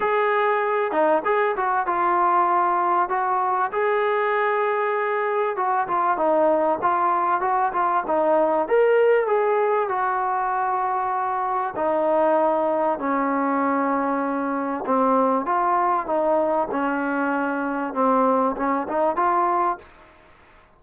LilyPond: \new Staff \with { instrumentName = "trombone" } { \time 4/4 \tempo 4 = 97 gis'4. dis'8 gis'8 fis'8 f'4~ | f'4 fis'4 gis'2~ | gis'4 fis'8 f'8 dis'4 f'4 | fis'8 f'8 dis'4 ais'4 gis'4 |
fis'2. dis'4~ | dis'4 cis'2. | c'4 f'4 dis'4 cis'4~ | cis'4 c'4 cis'8 dis'8 f'4 | }